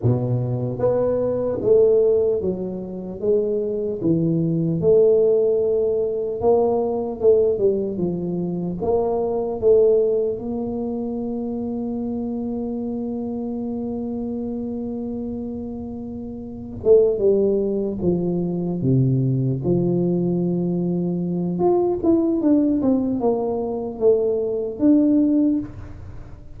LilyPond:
\new Staff \with { instrumentName = "tuba" } { \time 4/4 \tempo 4 = 75 b,4 b4 a4 fis4 | gis4 e4 a2 | ais4 a8 g8 f4 ais4 | a4 ais2.~ |
ais1~ | ais4 a8 g4 f4 c8~ | c8 f2~ f8 f'8 e'8 | d'8 c'8 ais4 a4 d'4 | }